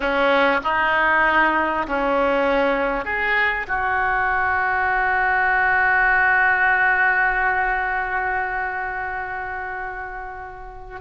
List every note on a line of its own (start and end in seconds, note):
0.00 0.60 C#4
0.63 1.86 D#4
1.86 3.04 C#4
3.04 3.66 G#4
3.67 11.00 F#4